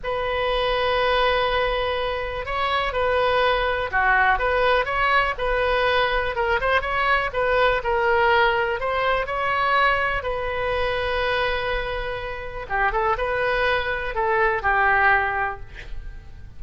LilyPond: \new Staff \with { instrumentName = "oboe" } { \time 4/4 \tempo 4 = 123 b'1~ | b'4 cis''4 b'2 | fis'4 b'4 cis''4 b'4~ | b'4 ais'8 c''8 cis''4 b'4 |
ais'2 c''4 cis''4~ | cis''4 b'2.~ | b'2 g'8 a'8 b'4~ | b'4 a'4 g'2 | }